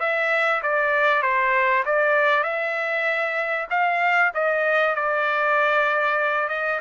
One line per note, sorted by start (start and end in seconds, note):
0.00 0.62 E5
0.63 1.22 D5
1.22 1.84 C5
1.86 2.43 D5
2.43 3.67 E5
3.70 4.32 F5
4.35 4.95 D#5
4.95 6.49 D5
6.49 6.80 D#5